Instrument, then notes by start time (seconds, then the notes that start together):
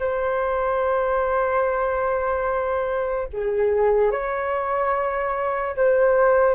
flute
0.00 C5
3.33 G#4
4.11 C#5
5.76 C5